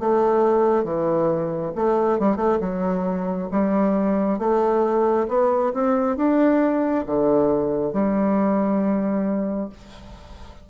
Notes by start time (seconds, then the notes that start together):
0.00 A3
0.84 E3
1.76 A3
2.19 G3
2.37 A3
2.60 F#3
3.51 G3
4.39 A3
5.28 B3
5.74 C4
6.17 D4
7.06 D3
7.93 G3